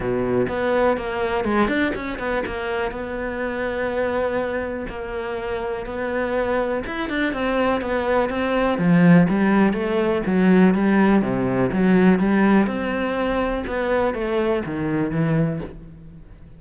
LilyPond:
\new Staff \with { instrumentName = "cello" } { \time 4/4 \tempo 4 = 123 b,4 b4 ais4 gis8 d'8 | cis'8 b8 ais4 b2~ | b2 ais2 | b2 e'8 d'8 c'4 |
b4 c'4 f4 g4 | a4 fis4 g4 c4 | fis4 g4 c'2 | b4 a4 dis4 e4 | }